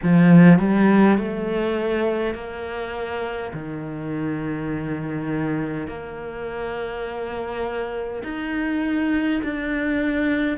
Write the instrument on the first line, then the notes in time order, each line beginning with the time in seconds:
cello
0.03 F3
0.59 G3
1.18 A3
2.34 A#3
3.53 D#3
5.87 A#3
8.24 D#4
9.43 D4